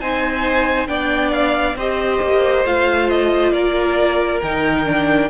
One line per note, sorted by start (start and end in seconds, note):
0.00 0.88 C4
0.00 0.87 D#4
0.00 0.88 C5
0.00 0.87 G#5
0.87 1.75 B3
0.87 1.76 D4
0.87 1.77 D5
0.87 1.31 G5
1.32 1.76 F5
1.75 2.19 C4
1.75 2.66 G4
1.75 3.53 C5
1.75 2.66 D#5
2.22 2.65 A#3
2.65 3.52 A3
2.65 4.43 F4
2.65 3.09 F5
3.09 3.52 D#5
3.52 4.40 A#3
3.52 5.29 A#4
3.52 4.40 D5
4.42 5.29 D#3
4.42 4.85 D#4
4.42 5.29 G5
4.85 5.29 D4